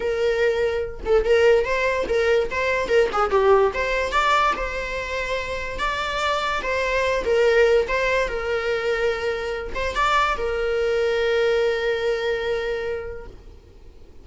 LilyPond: \new Staff \with { instrumentName = "viola" } { \time 4/4 \tempo 4 = 145 ais'2~ ais'8 a'8 ais'4 | c''4 ais'4 c''4 ais'8 gis'8 | g'4 c''4 d''4 c''4~ | c''2 d''2 |
c''4. ais'4. c''4 | ais'2.~ ais'8 c''8 | d''4 ais'2.~ | ais'1 | }